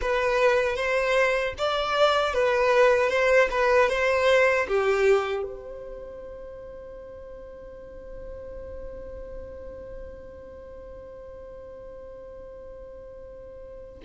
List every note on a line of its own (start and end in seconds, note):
0.01 0.75 B4
0.75 1.53 C5
1.58 2.33 D5
2.33 3.09 B4
3.09 3.48 C5
3.50 3.89 B4
3.89 4.67 C5
4.68 5.43 G4
5.43 14.00 C5